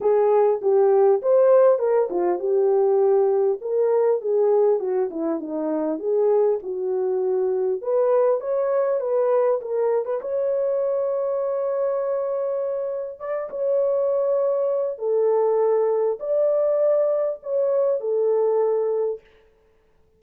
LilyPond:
\new Staff \with { instrumentName = "horn" } { \time 4/4 \tempo 4 = 100 gis'4 g'4 c''4 ais'8 f'8 | g'2 ais'4 gis'4 | fis'8 e'8 dis'4 gis'4 fis'4~ | fis'4 b'4 cis''4 b'4 |
ais'8. b'16 cis''2.~ | cis''2 d''8 cis''4.~ | cis''4 a'2 d''4~ | d''4 cis''4 a'2 | }